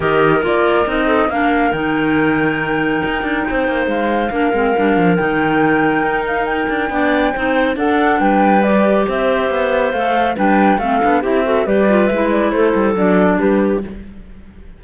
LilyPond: <<
  \new Staff \with { instrumentName = "flute" } { \time 4/4 \tempo 4 = 139 dis''4 d''4 dis''4 f''4 | g''1~ | g''4 f''2. | g''2~ g''8 f''8 g''4~ |
g''2 fis''4 g''4 | d''4 e''2 f''4 | g''4 f''4 e''4 d''4 | e''8 d''8 c''4 d''4 b'4 | }
  \new Staff \with { instrumentName = "clarinet" } { \time 4/4 ais'2~ ais'8 a'8 ais'4~ | ais'1 | c''2 ais'2~ | ais'1 |
d''4 c''4 a'4 b'4~ | b'4 c''2. | b'4 a'4 g'8 a'8 b'4~ | b'4 a'2 g'4 | }
  \new Staff \with { instrumentName = "clarinet" } { \time 4/4 g'4 f'4 dis'4 d'4 | dis'1~ | dis'2 d'8 c'8 d'4 | dis'1 |
d'4 dis'4 d'2 | g'2. a'4 | d'4 c'8 d'8 e'8 fis'8 g'8 f'8 | e'2 d'2 | }
  \new Staff \with { instrumentName = "cello" } { \time 4/4 dis4 ais4 c'4 ais4 | dis2. dis'8 d'8 | c'8 ais8 gis4 ais8 gis8 g8 f8 | dis2 dis'4. d'8 |
b4 c'4 d'4 g4~ | g4 c'4 b4 a4 | g4 a8 b8 c'4 g4 | gis4 a8 g8 fis4 g4 | }
>>